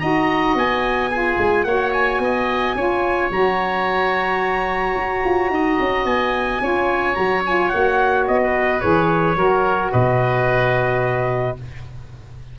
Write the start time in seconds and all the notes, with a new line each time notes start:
0.00 D#4 F#4 D#5 A#5
0.55 B3 G#5
1.10 F4 G#4
1.38 G#3
1.64 A#3 F#4 C#5 F#5
1.92 G#5
2.19 B3 D#5
2.75 C#4 F4 C#5
3.31 F#3 F#4 A#5
4.96 F#4
5.25 F4
5.50 D#4 D#5
5.80 C#4
6.05 B3 G#5
6.60 C#4 F4 C#5
7.14 F#3 F#4 A#5
7.45 F4 G#5
7.69 A#3 F#4 F#5
8.27 B3 D#5
8.43 B4
8.81 E3 G#4 C#5
9.36 F#3 F#4 A#4
9.92 B2 B4 D#5